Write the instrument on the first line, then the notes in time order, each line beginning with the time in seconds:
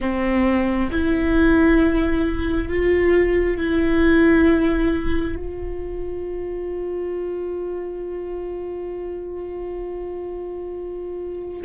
viola
0.00 C4
0.91 E4
2.68 F4
3.57 E4
5.36 F4